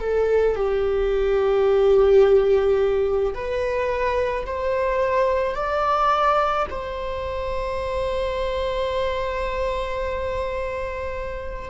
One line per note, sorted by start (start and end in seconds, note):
0.00 0.56 A4
0.56 3.33 G4
3.34 4.45 B4
4.46 5.55 C5
5.55 6.66 D5
6.70 11.70 C5